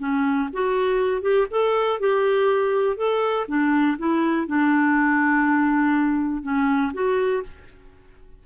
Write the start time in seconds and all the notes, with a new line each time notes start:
0.00 C#4
0.53 F#4
1.22 G4
1.51 A4
2.00 G4
2.97 A4
3.48 D4
3.99 E4
4.47 D4
6.43 C#4
6.94 F#4